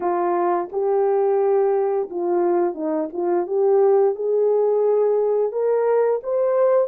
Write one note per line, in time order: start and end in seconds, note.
0.00 0.69 F4
0.71 2.09 G4
2.09 2.74 F4
2.74 3.08 D#4
3.12 3.47 F4
3.47 4.15 G4
4.15 5.52 G#4
5.52 6.21 A#4
6.23 6.88 C5